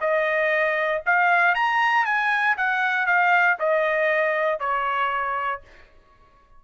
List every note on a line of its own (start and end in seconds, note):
0.00 1.02 D#5
1.06 1.54 F5
1.54 2.05 A#5
2.05 2.56 G#5
2.57 3.06 F#5
3.06 3.57 F5
3.59 4.59 D#5
4.59 5.61 C#5